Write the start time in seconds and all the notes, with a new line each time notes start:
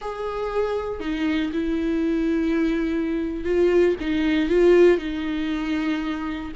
0.01 G#4
1.00 D#4
1.52 E4
3.44 F4
4.00 D#4
4.49 F4
4.98 D#4